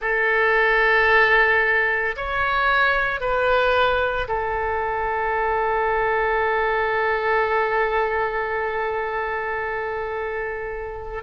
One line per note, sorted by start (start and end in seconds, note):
0.01 2.15 A4
2.16 3.20 C#5
3.20 4.27 B4
4.28 11.23 A4